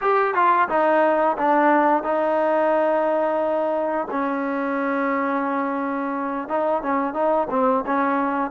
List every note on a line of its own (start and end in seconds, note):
0.01 0.34 G4
0.34 0.68 F4
0.68 1.36 D#4
1.37 2.03 D4
2.03 4.07 D#4
4.11 6.48 C#4
6.48 6.82 D#4
6.82 7.13 C#4
7.13 7.47 D#4
7.50 7.84 C4
7.86 8.50 C#4